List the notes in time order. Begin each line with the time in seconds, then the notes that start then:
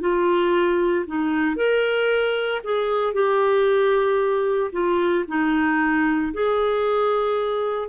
0.00 F4
1.06 D#4
1.56 A#4
2.64 G#4
3.13 G4
4.72 F4
5.27 D#4
6.33 G#4